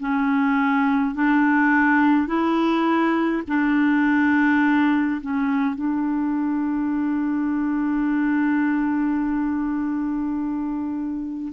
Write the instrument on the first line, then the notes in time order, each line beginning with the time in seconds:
clarinet
0.00 C#4
1.14 D4
2.27 E4
3.48 D4
5.21 C#4
5.75 D4